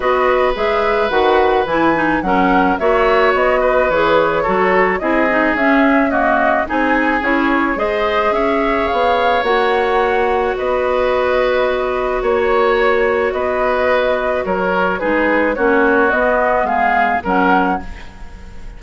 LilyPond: <<
  \new Staff \with { instrumentName = "flute" } { \time 4/4 \tempo 4 = 108 dis''4 e''4 fis''4 gis''4 | fis''4 e''4 dis''4 cis''4~ | cis''4 dis''4 e''4 dis''4 | gis''4 cis''4 dis''4 e''4 |
f''4 fis''2 dis''4~ | dis''2 cis''2 | dis''2 cis''4 b'4 | cis''4 dis''4 f''4 fis''4 | }
  \new Staff \with { instrumentName = "oboe" } { \time 4/4 b'1 | ais'4 cis''4. b'4. | a'4 gis'2 fis'4 | gis'2 c''4 cis''4~ |
cis''2. b'4~ | b'2 cis''2 | b'2 ais'4 gis'4 | fis'2 gis'4 ais'4 | }
  \new Staff \with { instrumentName = "clarinet" } { \time 4/4 fis'4 gis'4 fis'4 e'8 dis'8 | cis'4 fis'2 gis'4 | fis'4 e'8 dis'8 cis'4 ais4 | dis'4 e'4 gis'2~ |
gis'4 fis'2.~ | fis'1~ | fis'2. dis'4 | cis'4 b2 cis'4 | }
  \new Staff \with { instrumentName = "bassoon" } { \time 4/4 b4 gis4 dis4 e4 | fis4 ais4 b4 e4 | fis4 c'4 cis'2 | c'4 cis'4 gis4 cis'4 |
b4 ais2 b4~ | b2 ais2 | b2 fis4 gis4 | ais4 b4 gis4 fis4 | }
>>